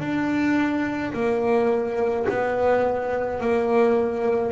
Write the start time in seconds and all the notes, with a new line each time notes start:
0.00 D4
1.13 A#3
2.29 B3
3.41 A#3